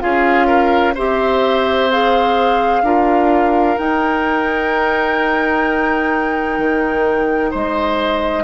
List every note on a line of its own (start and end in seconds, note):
0.00 0.97 C#4
0.00 0.94 F4
0.00 0.47 G#4
0.00 0.94 F5
0.47 0.94 A#4
0.95 2.82 C4
0.95 1.90 G4
0.95 2.82 C5
0.95 1.91 E5
1.91 2.84 G#4
1.91 3.78 F5
2.82 3.76 D4
2.82 3.77 F4
2.82 7.51 A#4
3.77 8.43 D#4
3.77 6.58 D#4
3.77 7.53 G5
6.58 7.52 D#3
7.51 8.43 G#3
7.51 8.43 C5
7.51 8.43 D#5